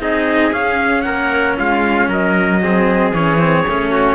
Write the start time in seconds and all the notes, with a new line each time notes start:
0.00 C4 D#4 G#4 D#5
0.53 C#4 F5
1.02 A#3 A#4 F#5
1.58 G#3 F4 F5
2.08 F#3 A#4 D#5
2.62 C4 G#4
3.12 E3 C#4 C#5
3.39 C4
3.68 A3 C#4
3.91 F#4